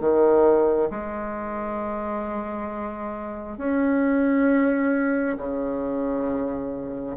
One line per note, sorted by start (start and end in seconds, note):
0.00 0.90 D#3
0.90 3.58 G#3
3.58 5.37 C#4
5.37 7.16 C#3